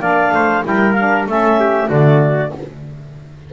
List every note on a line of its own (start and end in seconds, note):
0.00 0.31 A#3
0.00 0.64 D4
0.00 0.33 D5
0.00 0.64 F5
0.32 0.63 A3
0.32 0.66 C5
0.64 1.27 G3
0.64 0.95 E4
0.64 1.30 A#4
0.64 0.93 G5
0.93 1.29 D4
0.93 1.24 F5
1.27 1.89 A3
1.27 1.89 C#4
1.27 1.60 A4
1.27 1.91 E5
1.60 1.89 G4
1.89 2.52 D3
1.89 2.51 A3
1.89 2.51 F#4
1.89 2.53 D5